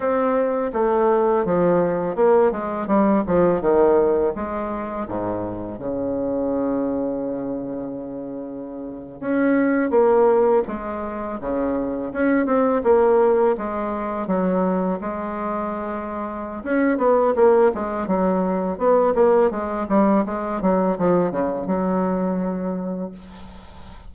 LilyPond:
\new Staff \with { instrumentName = "bassoon" } { \time 4/4 \tempo 4 = 83 c'4 a4 f4 ais8 gis8 | g8 f8 dis4 gis4 gis,4 | cis1~ | cis8. cis'4 ais4 gis4 cis16~ |
cis8. cis'8 c'8 ais4 gis4 fis16~ | fis8. gis2~ gis16 cis'8 b8 | ais8 gis8 fis4 b8 ais8 gis8 g8 | gis8 fis8 f8 cis8 fis2 | }